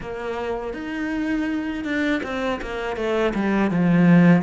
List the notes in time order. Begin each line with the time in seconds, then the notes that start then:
0.00 A#3
0.73 D#4
1.84 D4
2.23 C4
2.61 A#3
2.96 A3
3.34 G3
3.70 F3